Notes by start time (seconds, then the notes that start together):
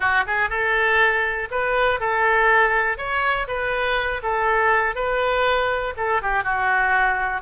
0.00 F#4
0.26 G#4
0.49 A4
1.51 B4
2.00 A4
2.97 C#5
3.47 B4
4.22 A4
4.95 B4
5.96 A4
6.21 G4
6.43 F#4